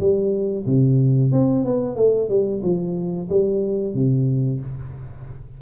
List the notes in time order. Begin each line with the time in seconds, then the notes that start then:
0.00 G3
0.66 C3
1.32 C4
1.65 B3
1.96 A3
2.29 G3
2.63 F3
3.30 G3
3.94 C3